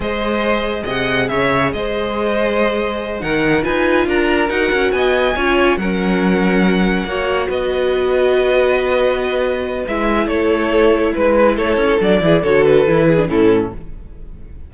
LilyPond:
<<
  \new Staff \with { instrumentName = "violin" } { \time 4/4 \tempo 4 = 140 dis''2 fis''4 e''4 | dis''2.~ dis''8 fis''8~ | fis''8 gis''4 ais''4 fis''4 gis''8~ | gis''4. fis''2~ fis''8~ |
fis''4. dis''2~ dis''8~ | dis''2. e''4 | cis''2 b'4 cis''4 | d''4 cis''8 b'4. a'4 | }
  \new Staff \with { instrumentName = "violin" } { \time 4/4 c''2 dis''4 cis''4 | c''2.~ c''8 ais'8~ | ais'8 b'4 ais'2 dis''8~ | dis''8 cis''4 ais'2~ ais'8~ |
ais'8 cis''4 b'2~ b'8~ | b'1 | a'2 b'4 a'4~ | a'8 gis'8 a'4. gis'8 e'4 | }
  \new Staff \with { instrumentName = "viola" } { \time 4/4 gis'1~ | gis'2.~ gis'8 dis'8~ | dis'8 f'2 fis'4.~ | fis'8 f'4 cis'2~ cis'8~ |
cis'8 fis'2.~ fis'8~ | fis'2. e'4~ | e'1 | d'8 e'8 fis'4 e'8. d'16 cis'4 | }
  \new Staff \with { instrumentName = "cello" } { \time 4/4 gis2 c4 cis4 | gis2.~ gis8 dis8~ | dis8 dis'4 d'4 dis'8 cis'8 b8~ | b8 cis'4 fis2~ fis8~ |
fis8 ais4 b2~ b8~ | b2. gis4 | a2 gis4 a8 cis'8 | fis8 e8 d4 e4 a,4 | }
>>